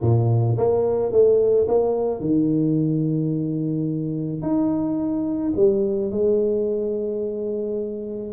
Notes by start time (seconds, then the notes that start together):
0.01 A#2
0.57 A#3
1.11 A3
1.68 A#3
2.20 D#3
4.41 D#4
5.56 G3
6.11 G#3